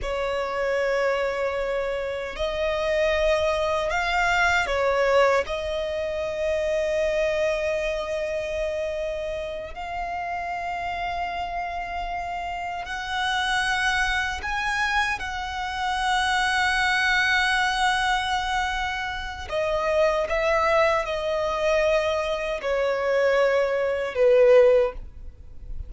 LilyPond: \new Staff \with { instrumentName = "violin" } { \time 4/4 \tempo 4 = 77 cis''2. dis''4~ | dis''4 f''4 cis''4 dis''4~ | dis''1~ | dis''8 f''2.~ f''8~ |
f''8 fis''2 gis''4 fis''8~ | fis''1~ | fis''4 dis''4 e''4 dis''4~ | dis''4 cis''2 b'4 | }